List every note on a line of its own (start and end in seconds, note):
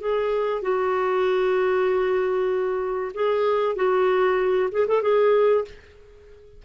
0.00 0.62 G#4
0.62 3.12 F#4
3.14 3.76 G#4
3.76 4.69 F#4
4.72 4.87 G#4
4.87 5.02 A4
5.02 5.64 G#4